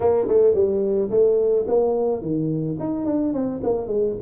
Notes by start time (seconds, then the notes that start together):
0.00 A#3
0.28 A3
0.54 G3
1.10 A3
1.67 A#3
2.21 D#3
2.79 D#4
3.05 D4
3.33 C4
3.63 A#3
3.87 G#3